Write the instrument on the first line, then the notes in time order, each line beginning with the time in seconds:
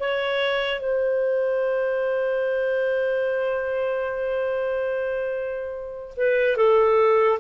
clarinet
0.00 C#5
0.80 C5
6.17 B4
6.57 A4